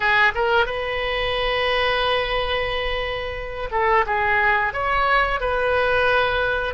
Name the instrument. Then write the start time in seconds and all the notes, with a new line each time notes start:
oboe
0.00 G#4
0.34 A#4
0.66 B4
3.71 A4
4.06 G#4
4.73 C#5
5.40 B4